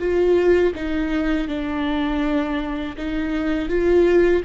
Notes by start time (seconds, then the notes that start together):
0.00 F4
0.75 D#4
1.48 D4
2.97 D#4
3.69 F4